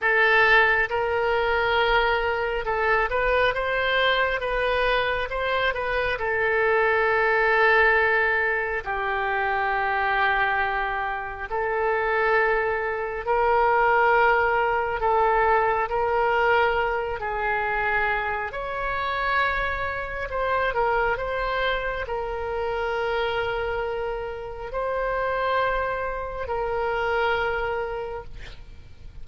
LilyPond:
\new Staff \with { instrumentName = "oboe" } { \time 4/4 \tempo 4 = 68 a'4 ais'2 a'8 b'8 | c''4 b'4 c''8 b'8 a'4~ | a'2 g'2~ | g'4 a'2 ais'4~ |
ais'4 a'4 ais'4. gis'8~ | gis'4 cis''2 c''8 ais'8 | c''4 ais'2. | c''2 ais'2 | }